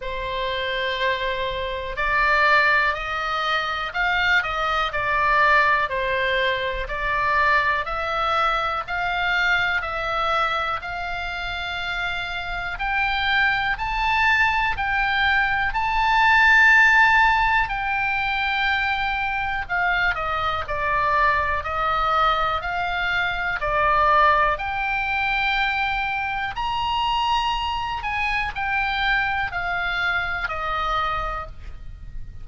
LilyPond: \new Staff \with { instrumentName = "oboe" } { \time 4/4 \tempo 4 = 61 c''2 d''4 dis''4 | f''8 dis''8 d''4 c''4 d''4 | e''4 f''4 e''4 f''4~ | f''4 g''4 a''4 g''4 |
a''2 g''2 | f''8 dis''8 d''4 dis''4 f''4 | d''4 g''2 ais''4~ | ais''8 gis''8 g''4 f''4 dis''4 | }